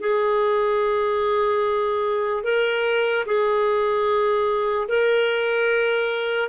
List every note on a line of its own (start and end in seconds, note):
0.00 2.43 G#4
2.43 3.24 A#4
3.25 4.88 G#4
4.88 6.49 A#4